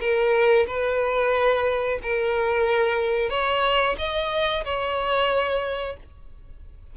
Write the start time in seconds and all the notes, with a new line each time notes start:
0.00 A#4
0.67 B4
2.02 A#4
3.30 C#5
3.98 D#5
4.65 C#5